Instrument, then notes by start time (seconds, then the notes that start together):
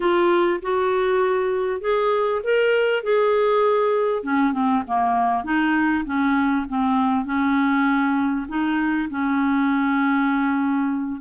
clarinet
0.00 F4
0.61 F#4
1.80 G#4
2.43 A#4
3.03 G#4
4.23 C#4
4.52 C4
4.87 A#3
5.44 D#4
6.05 C#4
6.69 C4
7.25 C#4
8.48 D#4
9.10 C#4